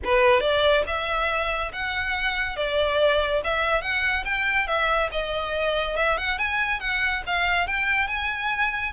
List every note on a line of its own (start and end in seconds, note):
0.04 0.40 B4
0.40 0.83 D5
0.86 1.71 E5
1.72 2.56 F#5
2.56 3.41 D5
3.44 3.81 E5
3.81 4.24 F#5
4.24 4.67 G5
4.67 5.09 E5
5.11 5.96 D#5
5.96 6.17 E5
6.17 6.38 F#5
6.38 6.80 G#5
6.80 7.22 F#5
7.26 7.67 F5
7.67 8.07 G5
8.07 8.92 G#5